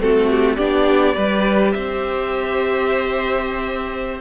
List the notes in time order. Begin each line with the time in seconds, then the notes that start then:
0.00 A3 C4 F#4 A4
0.30 G4
0.56 B3 D4 G4 D5
1.15 G3 G4 B4
1.72 C4 C5 E5